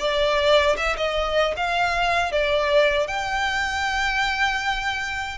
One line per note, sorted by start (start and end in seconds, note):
0.00 0.77 D5
0.77 0.97 E5
0.98 1.55 D#5
1.57 2.32 F5
2.32 3.08 D5
3.08 5.38 G5